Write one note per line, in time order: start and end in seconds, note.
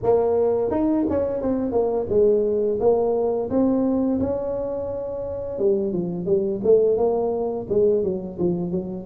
0.03 0.70 A#3
0.70 1.05 D#4
1.09 1.41 C#4
1.41 1.71 C4
1.71 2.06 A#3
2.09 2.78 G#3
2.79 3.49 A#3
3.49 4.19 C4
4.20 5.58 C#4
5.58 5.92 G3
5.92 6.25 F3
6.25 6.60 G3
6.63 6.97 A3
6.97 7.66 A#3
7.69 8.03 G#3
8.03 8.38 F#3
8.38 8.71 F3
8.71 9.06 F#3